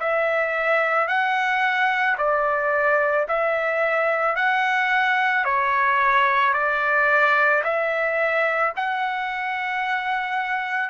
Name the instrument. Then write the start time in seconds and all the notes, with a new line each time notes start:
trumpet
0.00 E5
1.08 F#5
2.18 D5
3.28 E5
4.36 F#5
5.45 C#5
6.54 D5
7.64 E5
8.76 F#5